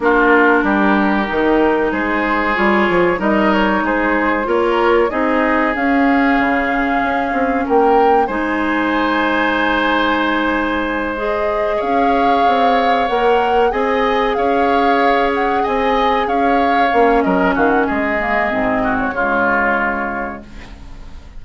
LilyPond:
<<
  \new Staff \with { instrumentName = "flute" } { \time 4/4 \tempo 4 = 94 ais'2. c''4 | cis''4 dis''8 cis''8 c''4 cis''4 | dis''4 f''2. | g''4 gis''2.~ |
gis''4. dis''4 f''4.~ | f''8 fis''4 gis''4 f''4. | fis''8 gis''4 f''4. dis''8 f''16 fis''16 | dis''4.~ dis''16 cis''2~ cis''16 | }
  \new Staff \with { instrumentName = "oboe" } { \time 4/4 f'4 g'2 gis'4~ | gis'4 ais'4 gis'4 ais'4 | gis'1 | ais'4 c''2.~ |
c''2~ c''8 cis''4.~ | cis''4. dis''4 cis''4.~ | cis''8 dis''4 cis''4. ais'8 fis'8 | gis'4. fis'8 f'2 | }
  \new Staff \with { instrumentName = "clarinet" } { \time 4/4 d'2 dis'2 | f'4 dis'2 f'4 | dis'4 cis'2.~ | cis'4 dis'2.~ |
dis'4. gis'2~ gis'8~ | gis'8 ais'4 gis'2~ gis'8~ | gis'2~ gis'8 cis'4.~ | cis'8 ais8 c'4 gis2 | }
  \new Staff \with { instrumentName = "bassoon" } { \time 4/4 ais4 g4 dis4 gis4 | g8 f8 g4 gis4 ais4 | c'4 cis'4 cis4 cis'8 c'8 | ais4 gis2.~ |
gis2~ gis8 cis'4 c'8~ | c'8 ais4 c'4 cis'4.~ | cis'8 c'4 cis'4 ais8 fis8 dis8 | gis4 gis,4 cis2 | }
>>